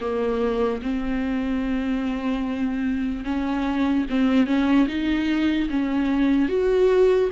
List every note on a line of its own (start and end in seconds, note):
0.00 0.81 A#3
0.82 3.24 C4
3.24 4.05 C#4
4.09 4.46 C4
4.46 4.87 C#4
4.88 5.69 D#4
5.69 6.48 C#4
6.48 7.29 F#4